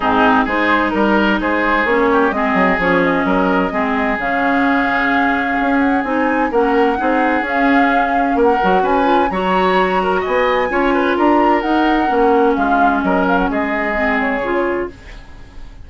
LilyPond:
<<
  \new Staff \with { instrumentName = "flute" } { \time 4/4 \tempo 4 = 129 gis'4 c''4 ais'4 c''4 | cis''4 dis''4 cis''8 dis''4.~ | dis''4 f''2.~ | f''8 fis''8 gis''4 fis''2 |
f''2 fis''4 gis''4 | ais''2 gis''2 | ais''4 fis''2 f''4 | dis''8 f''16 fis''16 dis''4. cis''4. | }
  \new Staff \with { instrumentName = "oboe" } { \time 4/4 dis'4 gis'4 ais'4 gis'4~ | gis'8 g'8 gis'2 ais'4 | gis'1~ | gis'2 ais'4 gis'4~ |
gis'2 ais'4 b'4 | cis''4. ais'8 dis''4 cis''8 b'8 | ais'2. f'4 | ais'4 gis'2. | }
  \new Staff \with { instrumentName = "clarinet" } { \time 4/4 c'4 dis'2. | cis'4 c'4 cis'2 | c'4 cis'2.~ | cis'4 dis'4 cis'4 dis'4 |
cis'2~ cis'8 fis'4 f'8 | fis'2. f'4~ | f'4 dis'4 cis'2~ | cis'2 c'4 f'4 | }
  \new Staff \with { instrumentName = "bassoon" } { \time 4/4 gis,4 gis4 g4 gis4 | ais4 gis8 fis8 f4 fis4 | gis4 cis2. | cis'4 c'4 ais4 c'4 |
cis'2 ais8 fis8 cis'4 | fis2 b4 cis'4 | d'4 dis'4 ais4 gis4 | fis4 gis2 cis4 | }
>>